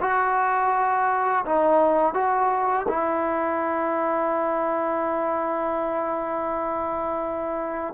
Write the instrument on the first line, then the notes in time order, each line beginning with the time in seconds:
trombone
0.00 F#4
1.45 D#4
2.14 F#4
2.88 E4